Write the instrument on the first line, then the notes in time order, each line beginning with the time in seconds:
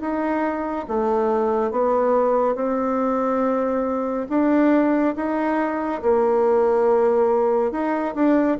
bassoon
0.00 D#4
0.88 A3
1.71 B3
2.55 C4
4.29 D4
5.15 D#4
6.02 A#3
7.71 D#4
8.14 D4